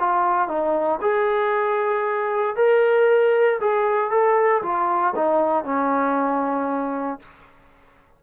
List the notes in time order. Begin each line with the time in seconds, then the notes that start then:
0.00 F4
0.48 D#4
1.02 G#4
2.57 A#4
3.61 G#4
4.11 A4
4.63 F4
5.16 D#4
5.65 C#4